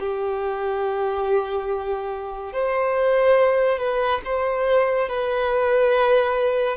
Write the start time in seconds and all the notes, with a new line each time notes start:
0.00 G4
2.53 C5
3.79 B4
4.25 C5
5.09 B4